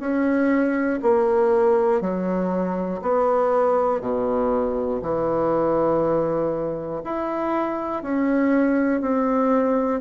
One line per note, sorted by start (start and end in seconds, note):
0.00 1.00 C#4
1.02 2.01 A#3
2.01 3.01 F#3
3.02 4.01 B3
4.01 5.01 B2
5.01 7.01 E3
7.04 8.03 E4
8.03 9.01 C#4
9.01 10.01 C4